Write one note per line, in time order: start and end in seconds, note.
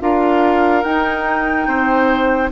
0.00 0.84 D4
0.00 0.83 F4
0.00 1.67 A#4
0.00 0.82 F5
0.82 2.50 D#4
0.82 1.66 D#4
0.82 2.49 G5
1.66 2.50 C4
1.66 2.50 C5